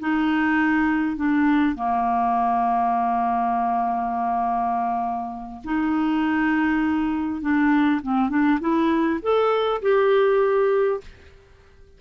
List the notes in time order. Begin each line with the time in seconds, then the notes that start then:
0.00 D#4
1.16 D4
1.76 A#3
5.64 D#4
7.41 D4
8.02 C4
8.30 D4
8.60 E4
9.22 A4
9.82 G4